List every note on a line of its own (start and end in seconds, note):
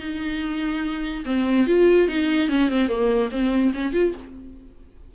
0.00 1.24 D#4
1.25 1.67 C4
1.67 2.08 F4
2.08 2.49 D#4
2.49 2.70 C#4
2.70 2.89 C4
2.89 3.30 A#3
3.31 3.73 C4
3.74 3.93 C#4
3.93 4.14 F4